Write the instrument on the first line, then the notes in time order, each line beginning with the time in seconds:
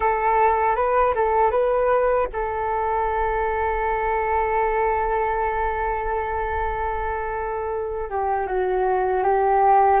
flute
0.00 A4
0.75 B4
1.14 A4
1.50 B4
2.33 A4
8.09 G4
8.46 F#4
9.23 G4